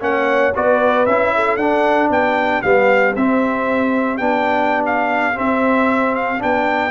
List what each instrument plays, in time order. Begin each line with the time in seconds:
0.00 tuba A#3, trombone C#4, horn C#5, trumpet F#5
0.55 tuba B3, trombone F#4, horn B4, trumpet D5
1.06 tuba C#4, trombone E4, trumpet E5
1.35 horn A4
1.56 tuba D4, trombone D4, trumpet F#5
2.09 tuba B3, horn G4, trumpet G5
2.62 tuba G3, trombone B3, trumpet F5
3.15 tuba C4, trombone C4, trumpet E5
4.17 tuba B3, trombone D4, trumpet G5
4.85 trumpet F5
5.34 trombone C4, tuba C4, trumpet E5
6.15 trumpet F5
6.38 tuba B3, trombone D4, trumpet G5